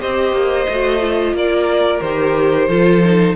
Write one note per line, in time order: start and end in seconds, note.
0.00 0.32 C4
0.00 0.67 G4
0.00 1.35 C5
0.00 1.36 D#5
0.32 0.66 A#3
0.69 1.33 A3
0.69 1.00 F#4
1.00 2.02 F4
1.33 2.01 A#3
1.33 2.68 A#4
1.33 2.01 D5
2.01 2.68 D#3
2.01 2.69 G4
2.01 3.36 C5
2.68 3.36 F3
2.68 3.03 F4
2.68 3.36 A4
3.05 3.36 D#4